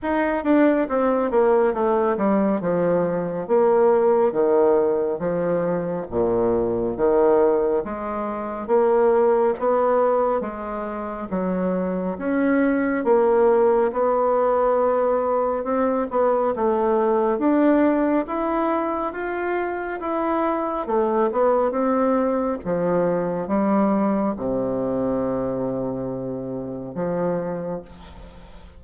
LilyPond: \new Staff \with { instrumentName = "bassoon" } { \time 4/4 \tempo 4 = 69 dis'8 d'8 c'8 ais8 a8 g8 f4 | ais4 dis4 f4 ais,4 | dis4 gis4 ais4 b4 | gis4 fis4 cis'4 ais4 |
b2 c'8 b8 a4 | d'4 e'4 f'4 e'4 | a8 b8 c'4 f4 g4 | c2. f4 | }